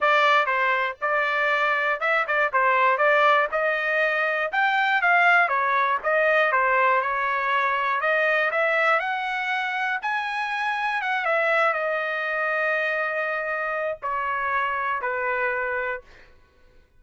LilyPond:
\new Staff \with { instrumentName = "trumpet" } { \time 4/4 \tempo 4 = 120 d''4 c''4 d''2 | e''8 d''8 c''4 d''4 dis''4~ | dis''4 g''4 f''4 cis''4 | dis''4 c''4 cis''2 |
dis''4 e''4 fis''2 | gis''2 fis''8 e''4 dis''8~ | dis''1 | cis''2 b'2 | }